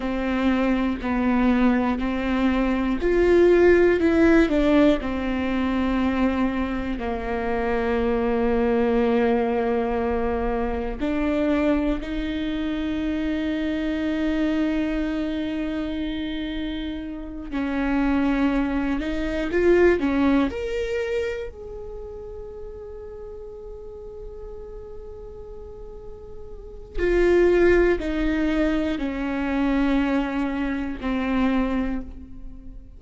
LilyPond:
\new Staff \with { instrumentName = "viola" } { \time 4/4 \tempo 4 = 60 c'4 b4 c'4 f'4 | e'8 d'8 c'2 ais4~ | ais2. d'4 | dis'1~ |
dis'4. cis'4. dis'8 f'8 | cis'8 ais'4 gis'2~ gis'8~ | gis'2. f'4 | dis'4 cis'2 c'4 | }